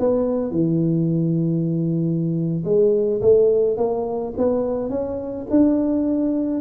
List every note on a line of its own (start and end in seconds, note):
0.00 0.51 B3
0.51 2.64 E3
2.65 3.21 G#3
3.22 3.77 A3
3.77 4.34 A#3
4.38 4.90 B3
4.90 5.47 C#4
5.51 6.61 D4